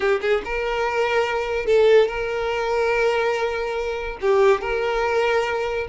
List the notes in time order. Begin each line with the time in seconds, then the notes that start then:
0.00 G4
0.21 G#4
0.44 A#4
1.66 A4
2.08 A#4
4.21 G4
4.61 A#4